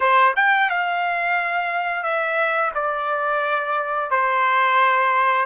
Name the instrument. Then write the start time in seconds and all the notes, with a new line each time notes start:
trumpet
0.00 C5
0.36 G5
0.69 F5
2.03 E5
2.74 D5
4.11 C5